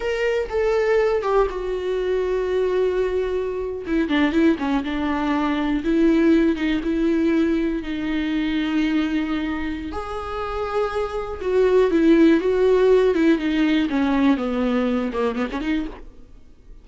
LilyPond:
\new Staff \with { instrumentName = "viola" } { \time 4/4 \tempo 4 = 121 ais'4 a'4. g'8 fis'4~ | fis'2.~ fis'8. e'16~ | e'16 d'8 e'8 cis'8 d'2 e'16~ | e'4~ e'16 dis'8 e'2 dis'16~ |
dis'1 | gis'2. fis'4 | e'4 fis'4. e'8 dis'4 | cis'4 b4. ais8 b16 cis'16 dis'8 | }